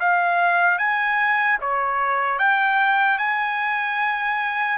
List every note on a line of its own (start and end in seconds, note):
0.00 0.78 F5
0.78 1.58 G#5
1.61 2.39 C#5
2.39 3.18 G5
3.18 4.78 G#5